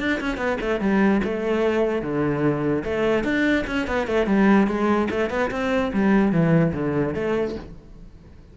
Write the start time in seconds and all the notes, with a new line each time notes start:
0.00 D4
0.21 C#4
0.37 B3
0.61 A3
0.81 G3
1.24 A3
2.03 D3
2.85 A3
3.24 D4
3.67 C#4
3.88 B3
4.08 A3
4.27 G3
4.68 G#3
5.11 A3
5.30 B3
5.51 C4
5.94 G3
6.32 E3
6.74 D3
7.15 A3